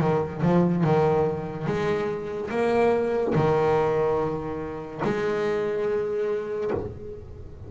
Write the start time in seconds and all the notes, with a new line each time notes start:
0.00 D#3
0.42 F3
0.83 D#3
1.66 G#3
2.50 A#3
3.34 D#3
5.04 G#3